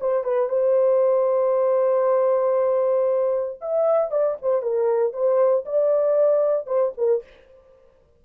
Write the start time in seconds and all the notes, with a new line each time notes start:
0.00 C5
0.24 B4
0.49 C5
3.61 E5
4.11 D5
4.42 C5
4.62 A#4
5.13 C5
5.65 D5
6.67 C5
6.97 A#4